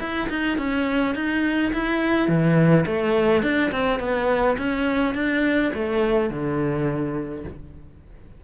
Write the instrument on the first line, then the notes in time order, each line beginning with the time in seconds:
cello
0.00 E4
0.30 D#4
0.58 C#4
1.15 D#4
1.73 E4
2.28 E3
2.86 A3
3.43 D4
3.71 C4
4.00 B3
4.58 C#4
5.15 D4
5.74 A3
6.30 D3